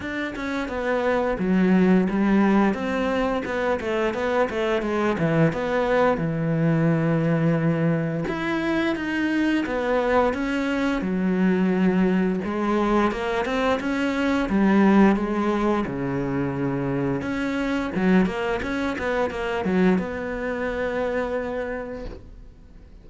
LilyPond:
\new Staff \with { instrumentName = "cello" } { \time 4/4 \tempo 4 = 87 d'8 cis'8 b4 fis4 g4 | c'4 b8 a8 b8 a8 gis8 e8 | b4 e2. | e'4 dis'4 b4 cis'4 |
fis2 gis4 ais8 c'8 | cis'4 g4 gis4 cis4~ | cis4 cis'4 fis8 ais8 cis'8 b8 | ais8 fis8 b2. | }